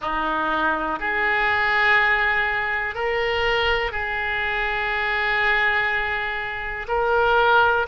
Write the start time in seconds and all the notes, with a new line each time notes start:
0.01 D#4
0.99 G#4
2.95 A#4
3.91 G#4
6.88 A#4